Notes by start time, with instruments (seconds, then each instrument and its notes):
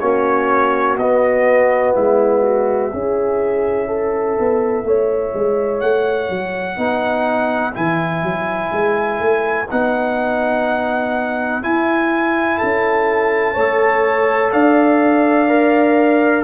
0.00 tuba A#3, trombone C#4, horn F#4, trumpet C#5
0.97 tuba B3, trombone B3, trumpet D#5
1.94 tuba G#3, horn E4, trumpet E5
2.42 horn F#4
2.92 tuba C#4, trombone E4, horn G#4
3.88 horn A4
4.39 tuba B3
4.84 tuba A3, horn C#5
5.34 tuba G#3
5.80 tuba A3, trumpet F#5
6.29 tuba F#3
6.76 tuba B3, trombone D#4, horn B4
7.73 tuba E3, trombone E4, trumpet G#5
8.23 tuba F#3
8.72 tuba G#3
9.20 tuba A3
9.70 tuba B3, trombone D#4, trumpet F#5
11.62 trombone E4, tuba E4, trumpet G#5
12.58 tuba C#4, horn A4, trumpet A5
13.54 tuba A3, trombone A4, horn C#5
14.52 tuba D4, horn D5, trumpet F5
15.48 trombone A#4